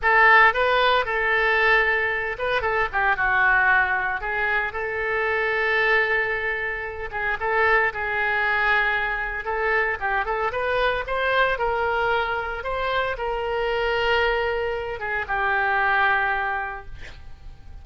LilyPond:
\new Staff \with { instrumentName = "oboe" } { \time 4/4 \tempo 4 = 114 a'4 b'4 a'2~ | a'8 b'8 a'8 g'8 fis'2 | gis'4 a'2.~ | a'4. gis'8 a'4 gis'4~ |
gis'2 a'4 g'8 a'8 | b'4 c''4 ais'2 | c''4 ais'2.~ | ais'8 gis'8 g'2. | }